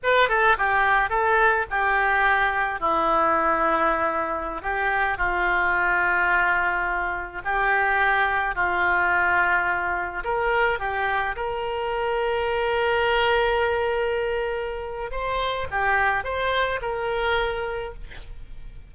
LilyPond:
\new Staff \with { instrumentName = "oboe" } { \time 4/4 \tempo 4 = 107 b'8 a'8 g'4 a'4 g'4~ | g'4 e'2.~ | e'16 g'4 f'2~ f'8.~ | f'4~ f'16 g'2 f'8.~ |
f'2~ f'16 ais'4 g'8.~ | g'16 ais'2.~ ais'8.~ | ais'2. c''4 | g'4 c''4 ais'2 | }